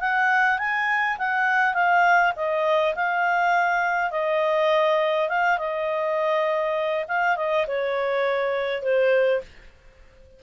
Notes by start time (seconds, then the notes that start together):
0.00 F#5
0.59 G#5
1.18 F#5
1.74 F5
2.36 D#5
2.95 F5
4.11 D#5
5.29 F5
5.58 D#5
7.08 F5
7.37 D#5
7.67 C#5
8.83 C5